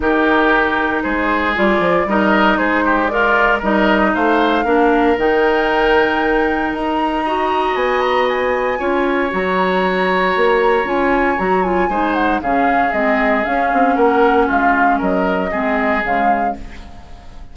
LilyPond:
<<
  \new Staff \with { instrumentName = "flute" } { \time 4/4 \tempo 4 = 116 ais'2 c''4 d''4 | dis''4 c''4 d''4 dis''4 | f''2 g''2~ | g''4 ais''2 gis''8 ais''8 |
gis''2 ais''2~ | ais''4 gis''4 ais''8 gis''4 fis''8 | f''4 dis''4 f''4 fis''4 | f''4 dis''2 f''4 | }
  \new Staff \with { instrumentName = "oboe" } { \time 4/4 g'2 gis'2 | ais'4 gis'8 g'8 f'4 ais'4 | c''4 ais'2.~ | ais'2 dis''2~ |
dis''4 cis''2.~ | cis''2. c''4 | gis'2. ais'4 | f'4 ais'4 gis'2 | }
  \new Staff \with { instrumentName = "clarinet" } { \time 4/4 dis'2. f'4 | dis'2 ais'4 dis'4~ | dis'4 d'4 dis'2~ | dis'2 fis'2~ |
fis'4 f'4 fis'2~ | fis'4 f'4 fis'8 f'8 dis'4 | cis'4 c'4 cis'2~ | cis'2 c'4 gis4 | }
  \new Staff \with { instrumentName = "bassoon" } { \time 4/4 dis2 gis4 g8 f8 | g4 gis2 g4 | a4 ais4 dis2~ | dis4 dis'2 b4~ |
b4 cis'4 fis2 | ais4 cis'4 fis4 gis4 | cis4 gis4 cis'8 c'8 ais4 | gis4 fis4 gis4 cis4 | }
>>